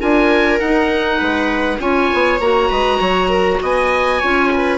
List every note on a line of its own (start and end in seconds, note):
0.00 0.61 D4
0.00 0.60 F4
0.00 1.19 A#4
0.00 0.60 G#5
0.60 1.21 D#4
0.60 1.79 D#4
0.60 1.80 F#5
1.19 1.79 G#3
1.19 1.79 B4
1.79 2.09 C#4
1.79 2.39 F4
1.79 2.70 C#5
1.79 2.40 G#5
2.14 2.40 B3
2.40 2.70 A#3
2.40 4.22 F#4
2.40 3.61 A#5
2.70 3.00 G#3
2.70 3.00 B4
3.00 3.60 F#3
3.00 3.29 C#5
3.29 3.59 A#4
3.63 4.23 B3
3.63 4.20 D#5
3.63 4.79 G#5
4.20 4.79 C#4
4.20 4.79 F4
4.20 4.50 C#5
4.53 4.79 B4